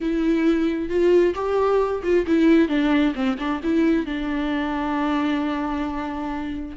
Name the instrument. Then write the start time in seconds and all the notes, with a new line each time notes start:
viola
0.00 E4
0.89 F4
1.35 G4
2.03 F4
2.26 E4
2.68 D4
3.15 C4
3.38 D4
3.63 E4
4.05 D4